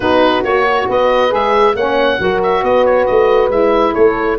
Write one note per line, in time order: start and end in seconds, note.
0.00 0.42 B3
0.00 0.43 D#4
0.00 0.88 F#4
0.00 0.43 B4
0.42 0.86 A#3
0.42 1.29 F#4
0.42 0.87 C#5
0.88 1.32 B3
0.88 1.76 B4
0.88 1.34 D#5
1.29 1.75 G#3
1.29 1.72 G#4
1.29 1.75 E5
1.75 2.19 A#3
1.75 2.19 C#4
1.75 2.20 C#5
1.75 2.41 F#5
2.19 2.62 F#3
2.19 3.50 F#4
2.19 2.62 A#4
2.42 2.63 E5
2.62 3.06 B3
2.62 3.93 B4
2.62 2.85 D#5
2.85 3.06 C#5
3.06 3.48 A3
3.06 3.49 D#5
3.48 3.92 G#3
3.48 4.38 E4
3.48 3.94 E5
3.93 4.38 A3
3.93 4.37 A4
3.93 4.37 C#5